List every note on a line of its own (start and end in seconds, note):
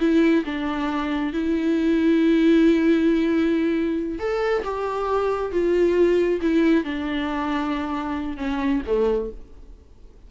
0.00 0.44 E4
0.45 1.33 D4
1.33 4.19 E4
4.19 4.63 A4
4.65 5.52 G4
5.52 6.41 F4
6.42 6.85 E4
6.85 8.38 D4
8.38 8.82 C#4
8.87 9.31 A3